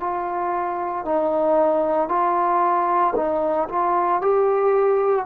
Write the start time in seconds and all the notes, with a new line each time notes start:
0.00 F4
1.05 D#4
2.09 F4
3.16 D#4
3.69 F4
4.22 G4